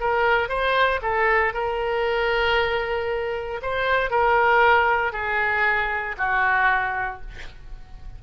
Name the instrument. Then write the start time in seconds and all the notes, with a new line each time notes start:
oboe
0.00 A#4
0.49 C5
1.02 A4
1.54 A#4
3.62 C5
4.11 A#4
5.12 G#4
6.18 F#4